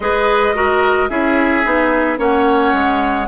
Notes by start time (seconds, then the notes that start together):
0.00 G#3 G#4 B4 D#5
0.54 F#4 A#4
1.09 C#4 E4 G#4 E5
1.63 B3 D#4
2.17 A#3 C#4 C#5 F#5
2.73 G#3